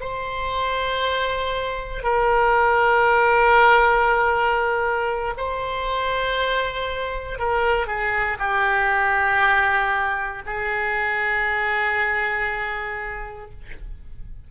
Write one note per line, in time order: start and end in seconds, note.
0.00 2.03 C5
2.03 5.33 A#4
5.37 7.39 C5
7.39 7.86 A#4
7.86 8.37 G#4
8.39 10.42 G4
10.46 13.51 G#4